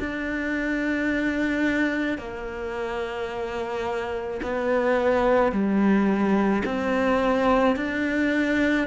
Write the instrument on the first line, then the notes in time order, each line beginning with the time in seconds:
cello
0.00 D4
2.18 A#3
4.42 B3
5.52 G3
6.65 C4
7.76 D4